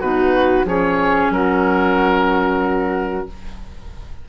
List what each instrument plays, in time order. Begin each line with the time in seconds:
0.00 bassoon B2, clarinet D#4, flute F#4, oboe B4
0.65 bassoon F3, clarinet C#4, flute G#4, oboe C#5
1.30 bassoon F#3, flute F#4, oboe A#4